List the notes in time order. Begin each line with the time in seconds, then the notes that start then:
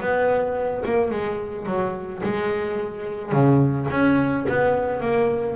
0.00 B3
0.85 A#3
1.10 G#3
1.66 F#3
2.23 G#3
3.32 C#3
3.90 C#4
4.48 B3
5.01 A#3